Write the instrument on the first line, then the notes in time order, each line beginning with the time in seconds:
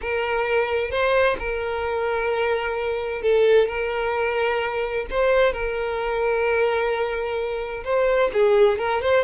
violin
0.01 A#4
0.90 C5
1.38 A#4
3.22 A4
3.68 A#4
5.10 C5
5.52 A#4
7.84 C5
8.33 G#4
8.78 A#4
9.01 C5